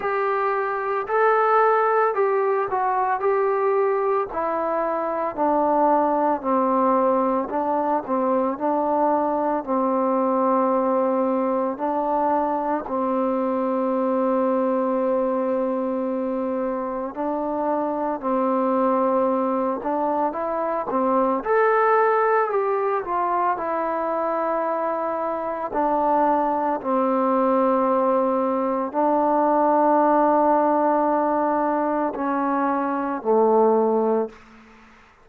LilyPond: \new Staff \with { instrumentName = "trombone" } { \time 4/4 \tempo 4 = 56 g'4 a'4 g'8 fis'8 g'4 | e'4 d'4 c'4 d'8 c'8 | d'4 c'2 d'4 | c'1 |
d'4 c'4. d'8 e'8 c'8 | a'4 g'8 f'8 e'2 | d'4 c'2 d'4~ | d'2 cis'4 a4 | }